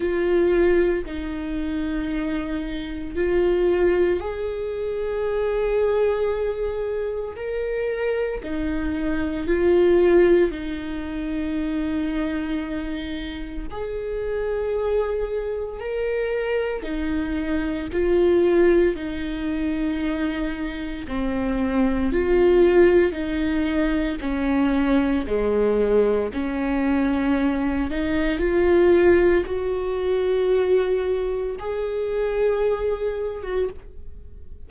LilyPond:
\new Staff \with { instrumentName = "viola" } { \time 4/4 \tempo 4 = 57 f'4 dis'2 f'4 | gis'2. ais'4 | dis'4 f'4 dis'2~ | dis'4 gis'2 ais'4 |
dis'4 f'4 dis'2 | c'4 f'4 dis'4 cis'4 | gis4 cis'4. dis'8 f'4 | fis'2 gis'4.~ gis'16 fis'16 | }